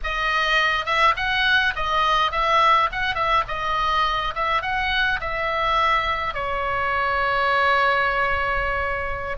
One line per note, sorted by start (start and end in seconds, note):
0.03 0.85 D#5
0.85 1.14 E5
1.16 1.74 F#5
1.75 2.31 D#5
2.31 2.89 E5
2.92 3.14 F#5
3.14 3.43 E5
3.47 4.34 D#5
4.34 4.62 E5
4.62 5.19 F#5
5.20 6.34 E5
6.34 9.37 C#5